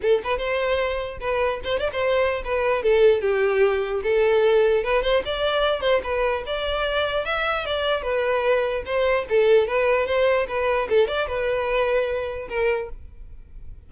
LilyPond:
\new Staff \with { instrumentName = "violin" } { \time 4/4 \tempo 4 = 149 a'8 b'8 c''2 b'4 | c''8 d''16 c''4~ c''16 b'4 a'4 | g'2 a'2 | b'8 c''8 d''4. c''8 b'4 |
d''2 e''4 d''4 | b'2 c''4 a'4 | b'4 c''4 b'4 a'8 d''8 | b'2. ais'4 | }